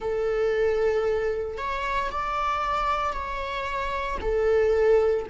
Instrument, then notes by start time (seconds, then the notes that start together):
viola
0.00 A4
1.57 C#5
2.11 D5
3.12 C#5
4.21 A4